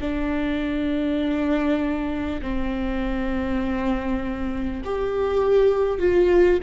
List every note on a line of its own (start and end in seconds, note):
0.00 2.40 D4
2.42 4.82 C4
4.84 5.99 G4
5.99 6.59 F4